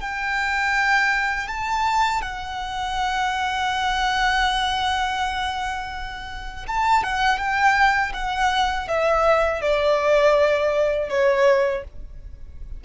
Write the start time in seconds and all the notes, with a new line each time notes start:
0.00 G5
1.48 A5
2.22 F#5
6.67 A5
7.03 F#5
7.38 G5
8.13 F#5
8.88 E5
9.61 D5
11.09 C#5